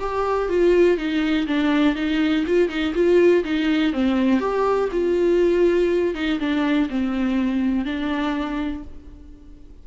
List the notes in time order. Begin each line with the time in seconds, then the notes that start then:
0.00 G4
0.49 F4
0.97 D#4
1.47 D4
1.96 D#4
2.47 F4
2.69 D#4
2.95 F4
3.44 D#4
3.93 C4
4.40 G4
4.92 F4
6.15 D#4
6.40 D4
6.89 C4
7.85 D4